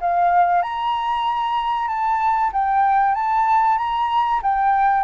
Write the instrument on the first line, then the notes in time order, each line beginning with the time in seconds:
flute
0.00 F5
0.62 A#5
1.87 A5
2.53 G5
3.14 A5
3.78 A#5
4.42 G5